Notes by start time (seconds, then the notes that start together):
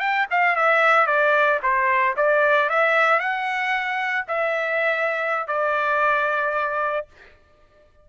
0.00 G5
0.31 F5
0.56 E5
1.07 D5
1.63 C5
2.17 D5
2.70 E5
3.20 F#5
4.28 E5
5.48 D5